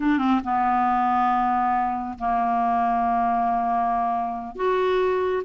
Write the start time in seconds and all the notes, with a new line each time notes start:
0.00 D4
0.18 C4
0.43 B3
2.18 A#3
4.55 F#4